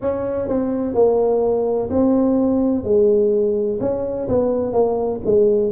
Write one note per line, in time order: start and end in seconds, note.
0.01 0.48 C#4
0.48 0.94 C4
0.94 1.89 A#3
1.90 2.84 C4
2.84 3.79 G#3
3.80 4.28 C#4
4.28 4.72 B3
4.72 5.20 A#3
5.25 5.71 G#3